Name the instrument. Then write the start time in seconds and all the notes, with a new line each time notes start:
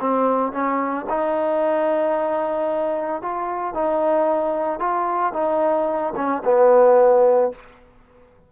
trombone
0.00 C4
0.52 C#4
1.09 D#4
3.22 F4
3.74 D#4
4.79 F4
5.33 D#4
6.16 C#4
6.45 B3